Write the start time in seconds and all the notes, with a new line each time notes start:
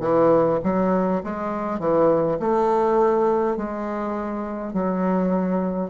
0.00 E3
0.64 F#3
1.24 G#3
1.79 E3
2.40 A3
3.57 G#3
4.73 F#3